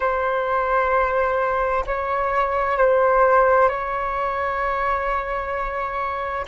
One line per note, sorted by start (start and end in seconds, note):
0.00 1.84 C5
1.86 2.77 C#5
2.77 3.68 C5
3.68 6.45 C#5